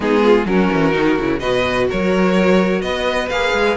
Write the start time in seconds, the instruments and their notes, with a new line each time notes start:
0.00 cello G#3, viola B3, violin D#4 G#4
0.22 violin F4
0.45 cello F#3, viola C#4, violin F#4 A#4
0.73 cello E3
0.92 cello D#3, viola D#4
1.18 cello C#3, viola E4
1.39 cello B2, viola F#4, violin B4 D#5
1.88 cello F#3, violin A#4 C#5
2.81 cello B3, violin B4 D#5
3.29 cello A#3, viola G#4, violin F5
3.53 cello G#3